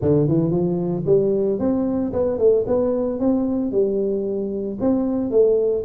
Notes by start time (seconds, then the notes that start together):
0.01 D3
0.28 E3
0.50 F3
1.05 G3
1.59 C4
2.12 B3
2.38 A3
2.66 B3
3.19 C4
3.71 G3
4.80 C4
5.30 A3